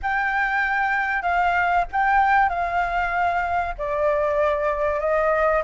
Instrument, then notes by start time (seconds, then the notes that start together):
flute
0.02 G5
1.22 F5
1.92 G5
2.49 F5
3.78 D5
5.00 D#5